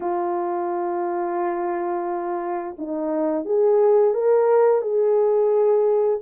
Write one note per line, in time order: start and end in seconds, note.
0.00 2.76 F4
2.78 3.45 D#4
3.45 4.14 G#4
4.14 4.81 A#4
4.81 6.19 G#4